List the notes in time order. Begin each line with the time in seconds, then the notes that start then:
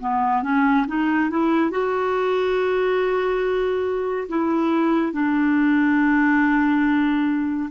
0.00 B3
0.43 C#4
0.88 D#4
1.30 E4
1.71 F#4
4.29 E4
5.13 D4